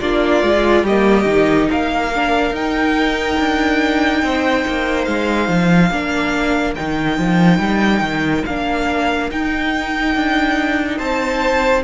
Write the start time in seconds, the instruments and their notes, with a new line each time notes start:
0.00 cello A#3, viola D4, violin F4 D5
0.43 cello G#3, viola F4
0.83 cello G3, violin G4 D#5
0.90 viola A#3
1.25 cello D#3, viola D#4
1.69 cello A#3, violin A#4 F5
2.15 viola D4
2.51 cello D#4, viola D#4, violin G5
3.39 cello D4
4.23 cello C4, violin C5
4.67 cello A#3
5.05 cello G#3, violin F5
5.48 cello F3
5.90 cello A#3, viola D4, violin A#4
6.75 cello D#3, viola D#4, violin G5
7.18 cello F3
7.59 cello G3
8.01 cello D#3
8.46 cello A#3, viola D4, violin F5
9.30 viola D#4, cello D#4, violin G5
10.15 cello D4
10.98 cello C4, violin C5 A5